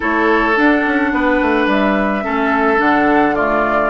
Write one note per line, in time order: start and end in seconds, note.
0.00 0.57 A3
0.00 0.55 E4
0.00 1.11 A4
0.00 0.57 C#5
0.55 2.22 D4
0.55 0.85 D4
0.55 1.69 F#5
0.86 1.12 C#4
1.12 1.41 B3
1.12 2.24 B4
1.41 1.67 A3
1.67 2.23 G3
1.67 2.80 E5
2.22 2.80 A3
2.22 2.77 C#4
2.22 3.35 A4
2.77 3.90 D3
2.77 3.33 D4
2.77 3.35 F#5
3.35 3.90 A3
3.35 3.90 F4
3.35 3.90 D5